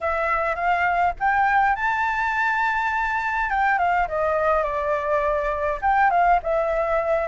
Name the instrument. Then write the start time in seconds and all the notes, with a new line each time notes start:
flute
0.00 E5
0.55 F5
1.19 G5
1.75 A5
3.50 G5
3.78 F5
4.08 D#5
4.63 D5
5.81 G5
6.10 F5
6.42 E5